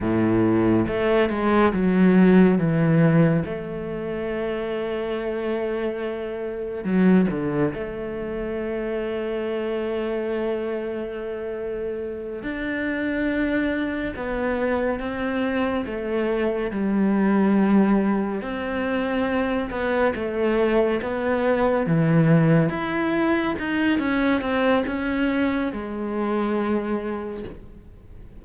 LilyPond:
\new Staff \with { instrumentName = "cello" } { \time 4/4 \tempo 4 = 70 a,4 a8 gis8 fis4 e4 | a1 | fis8 d8 a2.~ | a2~ a8 d'4.~ |
d'8 b4 c'4 a4 g8~ | g4. c'4. b8 a8~ | a8 b4 e4 e'4 dis'8 | cis'8 c'8 cis'4 gis2 | }